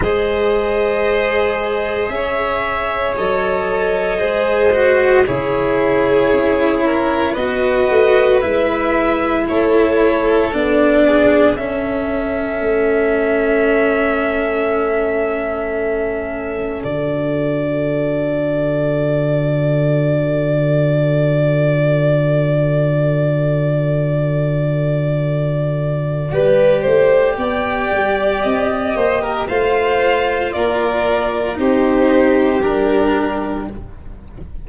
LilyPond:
<<
  \new Staff \with { instrumentName = "violin" } { \time 4/4 \tempo 4 = 57 dis''2 e''4 dis''4~ | dis''4 cis''2 dis''4 | e''4 cis''4 d''4 e''4~ | e''1 |
d''1~ | d''1~ | d''2 g''4 dis''4 | f''4 d''4 c''4 ais'4 | }
  \new Staff \with { instrumentName = "violin" } { \time 4/4 c''2 cis''2 | c''4 gis'4. ais'8 b'4~ | b'4 a'4. gis'8 a'4~ | a'1~ |
a'1~ | a'1~ | a'4 b'8 c''8 d''4. c''16 ais'16 | c''4 ais'4 g'2 | }
  \new Staff \with { instrumentName = "cello" } { \time 4/4 gis'2. a'4 | gis'8 fis'8 e'2 fis'4 | e'2 d'4 cis'4~ | cis'1 |
fis'1~ | fis'1~ | fis'4 g'2. | f'2 dis'4 d'4 | }
  \new Staff \with { instrumentName = "tuba" } { \time 4/4 gis2 cis'4 fis4 | gis4 cis4 cis'4 b8 a8 | gis4 a4 b4 cis'4 | a1 |
d1~ | d1~ | d4 g8 a8 b8 g8 c'8 ais8 | a4 ais4 c'4 g4 | }
>>